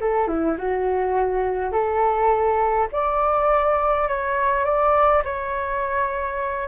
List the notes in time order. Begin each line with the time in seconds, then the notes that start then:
0.00 A4
0.27 E4
0.58 F#4
1.72 A4
2.92 D5
4.08 C#5
4.65 D5
5.24 C#5